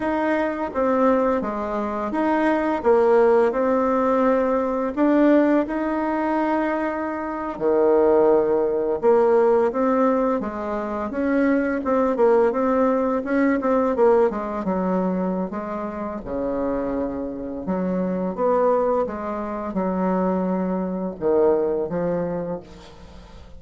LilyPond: \new Staff \with { instrumentName = "bassoon" } { \time 4/4 \tempo 4 = 85 dis'4 c'4 gis4 dis'4 | ais4 c'2 d'4 | dis'2~ dis'8. dis4~ dis16~ | dis8. ais4 c'4 gis4 cis'16~ |
cis'8. c'8 ais8 c'4 cis'8 c'8 ais16~ | ais16 gis8 fis4~ fis16 gis4 cis4~ | cis4 fis4 b4 gis4 | fis2 dis4 f4 | }